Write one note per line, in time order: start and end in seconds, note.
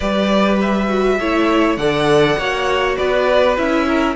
0.00 1.19 G3
0.00 0.87 G4
0.00 1.18 B4
0.00 0.57 D5
0.61 1.76 E5
0.87 1.17 F#4
1.19 1.77 A3
1.19 1.78 E4
1.19 1.79 C#5
1.76 2.36 D3
1.76 2.37 A4
1.76 2.38 D5
1.76 2.95 F#5
2.37 2.97 A#3
2.37 3.56 F#4
2.37 2.97 C#5
2.96 3.57 B3
2.96 3.86 B4
2.96 3.56 D5
3.56 4.15 C#4
3.56 4.15 E4
3.56 4.15 E5
3.87 4.15 A#4